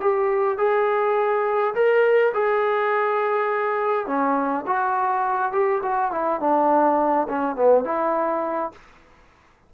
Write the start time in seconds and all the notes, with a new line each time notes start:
0.00 G4
0.57 G#4
1.74 A#4
2.34 G#4
4.06 C#4
4.67 F#4
5.52 G4
5.83 F#4
6.11 E4
6.40 D4
7.28 C#4
7.55 B3
7.84 E4